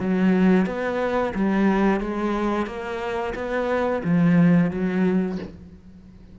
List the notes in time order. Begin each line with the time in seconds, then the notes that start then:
0.00 F#3
0.66 B3
1.35 G3
2.01 G#3
2.67 A#3
3.35 B3
4.04 F3
4.71 F#3